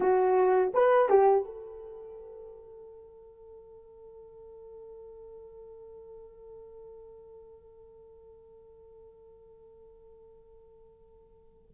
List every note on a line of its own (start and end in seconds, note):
0.00 0.72 F#4
0.74 1.09 B4
1.09 1.45 G4
1.45 11.69 A4